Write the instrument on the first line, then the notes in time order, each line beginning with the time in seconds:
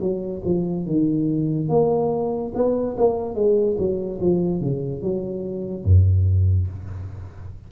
tuba
0.00 F#3
0.45 F3
0.86 D#3
1.69 A#3
2.55 B3
2.97 A#3
3.35 G#3
3.78 F#3
4.20 F3
4.61 C#3
5.02 F#3
5.84 F#2